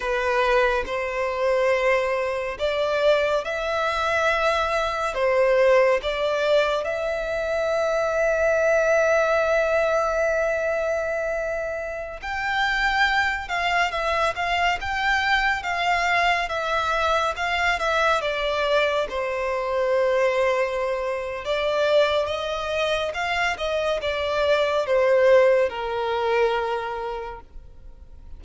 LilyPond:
\new Staff \with { instrumentName = "violin" } { \time 4/4 \tempo 4 = 70 b'4 c''2 d''4 | e''2 c''4 d''4 | e''1~ | e''2~ e''16 g''4. f''16~ |
f''16 e''8 f''8 g''4 f''4 e''8.~ | e''16 f''8 e''8 d''4 c''4.~ c''16~ | c''4 d''4 dis''4 f''8 dis''8 | d''4 c''4 ais'2 | }